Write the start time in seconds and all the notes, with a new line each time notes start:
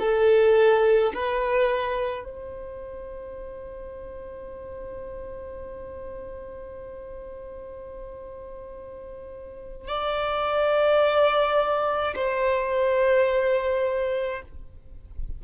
0.00 A4
1.14 B4
2.24 C5
9.88 D5
12.16 C5